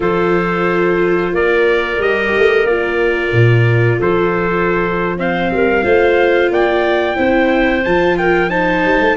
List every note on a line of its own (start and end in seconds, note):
0.00 1.32 F3
0.00 1.98 F4
0.00 1.32 A4
0.00 1.34 C5
1.32 1.98 A#3
1.32 3.98 A#4
1.32 2.01 D5
1.98 2.32 G3
1.98 2.67 G4
1.98 2.66 D#5
2.37 2.64 A3
2.64 3.31 A#3
2.64 5.16 F4
2.64 3.99 D5
3.32 3.98 A#2
3.98 5.49 F3
3.98 5.15 A4
3.98 5.18 C5
5.16 5.82 C4
5.16 5.51 C5
5.16 6.52 F5
5.50 5.84 G3
5.50 5.84 A#4
5.82 6.50 A3
5.82 7.15 F4
5.82 6.50 C5
6.50 7.17 A#3
6.50 7.16 D5
6.50 7.83 G5
7.15 7.85 C4
7.15 7.82 E4
7.15 8.16 C5
7.83 8.84 F3
7.83 8.49 F4
7.83 8.17 A5
8.17 8.49 A#4
8.17 8.50 G5
8.49 9.16 D#4
8.49 9.16 C5
8.49 9.16 A5
8.84 9.00 G3
9.00 9.16 A3